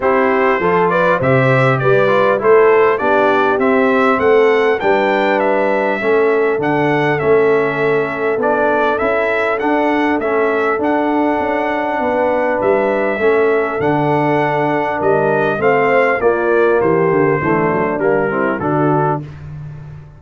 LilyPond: <<
  \new Staff \with { instrumentName = "trumpet" } { \time 4/4 \tempo 4 = 100 c''4. d''8 e''4 d''4 | c''4 d''4 e''4 fis''4 | g''4 e''2 fis''4 | e''2 d''4 e''4 |
fis''4 e''4 fis''2~ | fis''4 e''2 fis''4~ | fis''4 dis''4 f''4 d''4 | c''2 ais'4 a'4 | }
  \new Staff \with { instrumentName = "horn" } { \time 4/4 g'4 a'8 b'8 c''4 b'4 | a'4 g'2 a'4 | b'2 a'2~ | a'1~ |
a'1 | b'2 a'2~ | a'4 ais'4 c''4 f'4 | g'4 d'4. e'8 fis'4 | }
  \new Staff \with { instrumentName = "trombone" } { \time 4/4 e'4 f'4 g'4. f'8 | e'4 d'4 c'2 | d'2 cis'4 d'4 | cis'2 d'4 e'4 |
d'4 cis'4 d'2~ | d'2 cis'4 d'4~ | d'2 c'4 ais4~ | ais4 a4 ais8 c'8 d'4 | }
  \new Staff \with { instrumentName = "tuba" } { \time 4/4 c'4 f4 c4 g4 | a4 b4 c'4 a4 | g2 a4 d4 | a2 b4 cis'4 |
d'4 a4 d'4 cis'4 | b4 g4 a4 d4~ | d4 g4 a4 ais4 | e8 d8 e8 fis8 g4 d4 | }
>>